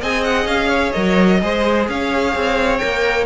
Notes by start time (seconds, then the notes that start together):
0.00 C4 G#4 D#5 G#5
0.23 F#5
0.45 C#4 F5
0.69 C#5
0.92 F#3 A#4 D#5
1.40 G#3 G#4 C5
1.88 C#4 C#5 F5
2.35 C4
2.78 A#3 A#4 G5